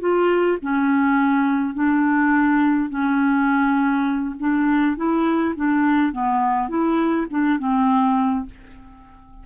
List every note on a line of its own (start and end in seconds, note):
0.00 0.58 F4
0.62 1.74 C#4
1.74 2.89 D4
2.89 4.35 C#4
4.40 4.97 D4
4.97 5.55 E4
5.56 6.12 D4
6.12 6.69 B3
6.69 7.27 E4
7.31 7.59 D4
7.59 8.46 C4